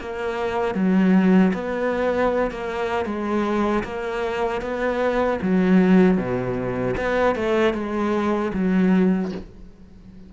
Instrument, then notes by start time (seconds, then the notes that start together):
cello
0.00 A#3
0.74 F#3
1.53 B3
2.50 A#3
3.05 G#3
3.84 A#3
4.61 B3
5.41 F#3
6.17 B2
6.97 B3
7.35 A3
7.74 G#3
8.54 F#3